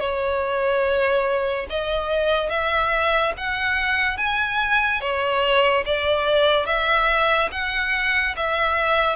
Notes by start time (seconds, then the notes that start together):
0.00 C#5
1.69 D#5
2.49 E5
3.37 F#5
4.17 G#5
5.01 C#5
5.85 D5
6.66 E5
7.52 F#5
8.36 E5